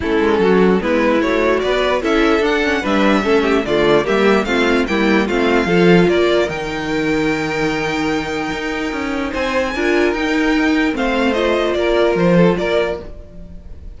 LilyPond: <<
  \new Staff \with { instrumentName = "violin" } { \time 4/4 \tempo 4 = 148 a'2 b'4 cis''4 | d''4 e''4 fis''4 e''4~ | e''4 d''4 e''4 f''4 | g''4 f''2 d''4 |
g''1~ | g''2. gis''4~ | gis''4 g''2 f''4 | dis''4 d''4 c''4 d''4 | }
  \new Staff \with { instrumentName = "violin" } { \time 4/4 e'4 fis'4 e'2 | b'4 a'2 b'4 | a'8 g'8 f'4 g'4 f'4 | e'4 f'4 a'4 ais'4~ |
ais'1~ | ais'2. c''4 | ais'2. c''4~ | c''4 ais'4. a'8 ais'4 | }
  \new Staff \with { instrumentName = "viola" } { \time 4/4 cis'2 b4 fis'4~ | fis'4 e'4 d'8 cis'8 d'4 | cis'4 a4 ais4 c'4 | ais4 c'4 f'2 |
dis'1~ | dis'1 | f'4 dis'2 c'4 | f'1 | }
  \new Staff \with { instrumentName = "cello" } { \time 4/4 a8 gis8 fis4 gis4 a4 | b4 cis'4 d'4 g4 | a4 d4 g4 a4 | g4 a4 f4 ais4 |
dis1~ | dis4 dis'4 cis'4 c'4 | d'4 dis'2 a4~ | a4 ais4 f4 ais4 | }
>>